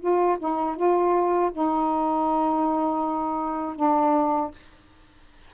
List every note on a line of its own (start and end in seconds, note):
0.00 0.38 F4
0.39 0.76 D#4
0.76 1.51 F4
1.52 3.76 D#4
3.76 4.51 D4